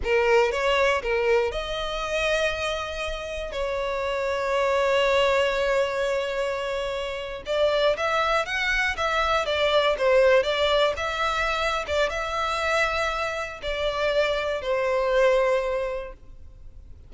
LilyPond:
\new Staff \with { instrumentName = "violin" } { \time 4/4 \tempo 4 = 119 ais'4 cis''4 ais'4 dis''4~ | dis''2. cis''4~ | cis''1~ | cis''2~ cis''8. d''4 e''16~ |
e''8. fis''4 e''4 d''4 c''16~ | c''8. d''4 e''4.~ e''16 d''8 | e''2. d''4~ | d''4 c''2. | }